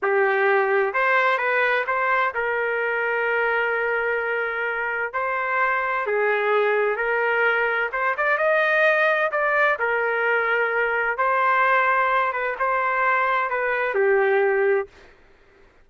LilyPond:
\new Staff \with { instrumentName = "trumpet" } { \time 4/4 \tempo 4 = 129 g'2 c''4 b'4 | c''4 ais'2.~ | ais'2. c''4~ | c''4 gis'2 ais'4~ |
ais'4 c''8 d''8 dis''2 | d''4 ais'2. | c''2~ c''8 b'8 c''4~ | c''4 b'4 g'2 | }